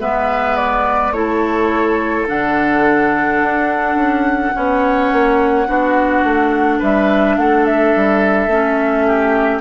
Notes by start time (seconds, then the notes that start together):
0.00 G#3 B3 B4 E5
0.56 D5
1.11 A3 E4 A4 C#5
2.27 D3 D4 F#5
3.42 D4
3.95 C#4
4.53 B3 C#4 C#5
5.12 A#3
5.67 B3 D4 F#4
6.24 A3
6.79 G3 B4 E5
7.37 A3 A4 F#5
7.65 E5
7.95 G3
8.47 A3 C#4
9.07 G4